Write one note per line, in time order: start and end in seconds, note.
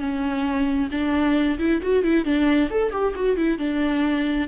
0.00 0.90 C#4
0.92 1.59 D4
1.60 1.82 E4
1.82 2.04 F#4
2.04 2.25 E4
2.25 2.70 D4
2.71 2.92 A4
2.92 3.14 G4
3.16 3.37 F#4
3.37 3.59 E4
3.59 4.49 D4